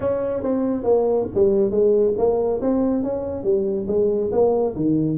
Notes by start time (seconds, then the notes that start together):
0.00 C#4
0.43 C4
0.83 A#3
1.34 G3
1.70 G#3
2.17 A#3
2.61 C4
3.03 C#4
3.43 G3
3.87 G#3
4.32 A#3
4.75 D#3